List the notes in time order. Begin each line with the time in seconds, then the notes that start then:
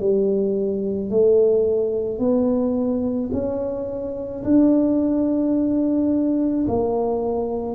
0.00 G3
1.11 A3
2.19 B3
3.33 C#4
4.44 D4
6.68 A#3